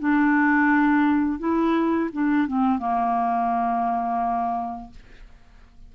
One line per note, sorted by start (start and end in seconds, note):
0.00 1.40 D4
1.40 2.10 E4
2.13 2.48 D4
2.48 2.79 C4
2.79 4.91 A#3